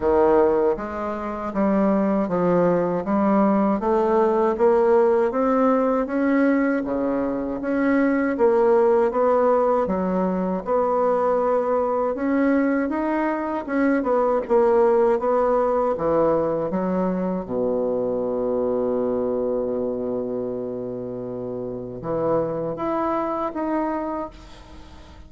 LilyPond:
\new Staff \with { instrumentName = "bassoon" } { \time 4/4 \tempo 4 = 79 dis4 gis4 g4 f4 | g4 a4 ais4 c'4 | cis'4 cis4 cis'4 ais4 | b4 fis4 b2 |
cis'4 dis'4 cis'8 b8 ais4 | b4 e4 fis4 b,4~ | b,1~ | b,4 e4 e'4 dis'4 | }